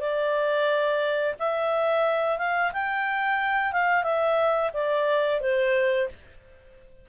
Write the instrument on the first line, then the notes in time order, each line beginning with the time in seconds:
clarinet
0.00 D5
1.39 E5
2.38 F5
2.73 G5
3.73 F5
4.03 E5
4.73 D5
5.41 C5